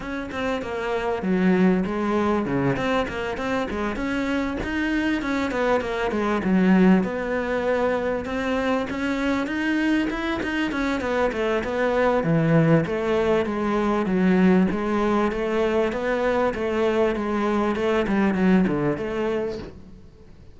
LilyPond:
\new Staff \with { instrumentName = "cello" } { \time 4/4 \tempo 4 = 98 cis'8 c'8 ais4 fis4 gis4 | cis8 c'8 ais8 c'8 gis8 cis'4 dis'8~ | dis'8 cis'8 b8 ais8 gis8 fis4 b8~ | b4. c'4 cis'4 dis'8~ |
dis'8 e'8 dis'8 cis'8 b8 a8 b4 | e4 a4 gis4 fis4 | gis4 a4 b4 a4 | gis4 a8 g8 fis8 d8 a4 | }